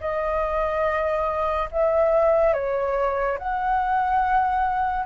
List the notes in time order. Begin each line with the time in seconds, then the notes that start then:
0.00 D#5
1.72 E5
2.54 C#5
3.38 F#5